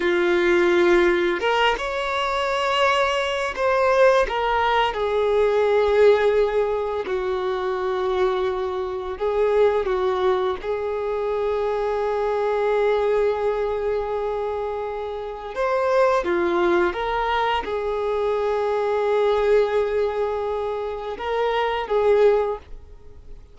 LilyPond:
\new Staff \with { instrumentName = "violin" } { \time 4/4 \tempo 4 = 85 f'2 ais'8 cis''4.~ | cis''4 c''4 ais'4 gis'4~ | gis'2 fis'2~ | fis'4 gis'4 fis'4 gis'4~ |
gis'1~ | gis'2 c''4 f'4 | ais'4 gis'2.~ | gis'2 ais'4 gis'4 | }